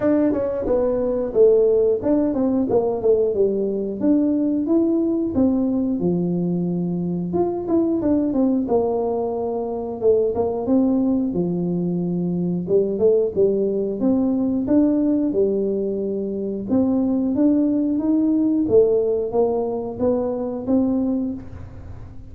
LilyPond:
\new Staff \with { instrumentName = "tuba" } { \time 4/4 \tempo 4 = 90 d'8 cis'8 b4 a4 d'8 c'8 | ais8 a8 g4 d'4 e'4 | c'4 f2 f'8 e'8 | d'8 c'8 ais2 a8 ais8 |
c'4 f2 g8 a8 | g4 c'4 d'4 g4~ | g4 c'4 d'4 dis'4 | a4 ais4 b4 c'4 | }